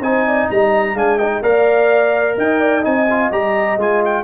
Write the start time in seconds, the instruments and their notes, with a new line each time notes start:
0.00 tuba C4, trombone D#4, horn C5, trumpet G#5
0.27 horn D5
0.46 tuba G3, horn D#5, trumpet A#5
0.94 tuba G#3, trombone D4, horn F5, trumpet G#5
1.18 trombone D#4, horn D#5, trumpet G5
1.41 tuba A#3, trombone A#4, horn D5, trumpet F5
2.37 tuba D#4, horn D#5, trumpet G5
2.61 horn D5
2.81 tuba C4, trombone D#4, horn D#5, trumpet G#5
3.10 trombone F4
3.31 tuba G3, trombone G4, trumpet A#5
3.76 tuba G#3, trombone F4, trumpet G#5
4.05 trumpet G5